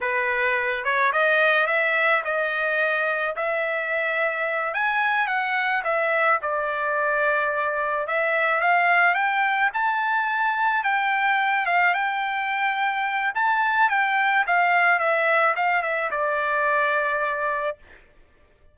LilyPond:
\new Staff \with { instrumentName = "trumpet" } { \time 4/4 \tempo 4 = 108 b'4. cis''8 dis''4 e''4 | dis''2 e''2~ | e''8 gis''4 fis''4 e''4 d''8~ | d''2~ d''8 e''4 f''8~ |
f''8 g''4 a''2 g''8~ | g''4 f''8 g''2~ g''8 | a''4 g''4 f''4 e''4 | f''8 e''8 d''2. | }